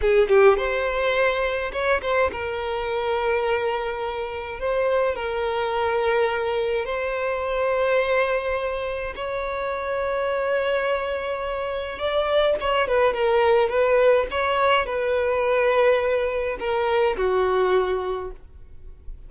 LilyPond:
\new Staff \with { instrumentName = "violin" } { \time 4/4 \tempo 4 = 105 gis'8 g'8 c''2 cis''8 c''8 | ais'1 | c''4 ais'2. | c''1 |
cis''1~ | cis''4 d''4 cis''8 b'8 ais'4 | b'4 cis''4 b'2~ | b'4 ais'4 fis'2 | }